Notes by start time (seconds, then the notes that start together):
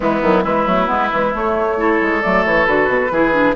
0.00 E3 G#3 B3 E4
0.22 D#3 F#3
0.43 E3 G#3 E4 B4
0.66 F#3 A3
0.86 G#3 B3
1.11 E3 G#3
1.33 A3 C#5
1.77 E4 A4
2.01 G#3
2.21 F#3 A3 D5
2.45 E3 C#5
2.66 D3 F#4 B4
2.88 B2
3.11 E3 E4 G#4
3.32 D4